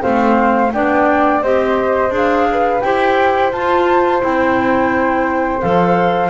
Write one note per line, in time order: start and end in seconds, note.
0.00 0.74 A3
0.00 0.70 C4
0.00 0.72 C5
0.00 0.72 F5
0.72 1.42 B3
0.72 1.43 D4
0.72 1.42 D5
0.72 1.42 G5
1.42 2.09 C4
1.42 2.10 G4
1.42 2.47 C5
1.42 2.12 D#5
2.09 2.79 D4
2.09 2.80 G#4
2.16 2.80 F5
2.51 2.85 B4
2.80 3.52 E4
2.80 3.53 G4
2.80 6.29 C5
2.80 3.50 G5
3.51 4.22 F4
3.51 4.20 F4
3.51 4.21 A5
4.20 5.62 C4
4.20 5.59 E4
4.20 5.61 G5
5.60 6.29 F3
5.60 6.29 A4
5.60 6.29 F5